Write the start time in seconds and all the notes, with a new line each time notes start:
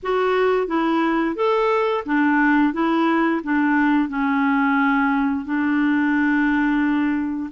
0.02 F#4
0.67 E4
1.35 A4
2.05 D4
2.73 E4
3.43 D4
4.08 C#4
5.45 D4